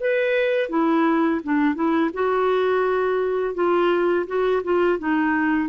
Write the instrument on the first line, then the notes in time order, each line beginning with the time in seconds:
clarinet
0.00 B4
0.69 E4
1.43 D4
1.75 E4
2.13 F#4
3.54 F4
4.27 F#4
4.63 F4
4.98 D#4